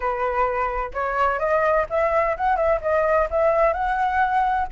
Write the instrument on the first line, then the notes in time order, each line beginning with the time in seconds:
flute
0.00 B4
0.93 C#5
1.39 D#5
1.89 E5
2.37 F#5
2.56 E5
2.81 D#5
3.30 E5
3.73 F#5